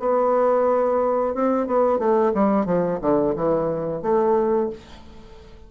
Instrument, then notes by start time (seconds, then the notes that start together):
bassoon
0.00 B3
1.35 C4
1.67 B3
1.99 A3
2.34 G3
2.66 F3
3.02 D3
3.36 E3
4.02 A3